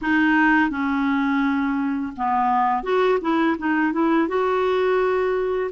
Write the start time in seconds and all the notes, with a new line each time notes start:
0.01 D#4
0.69 C#4
2.17 B3
2.83 F#4
3.21 E4
3.58 D#4
3.92 E4
4.28 F#4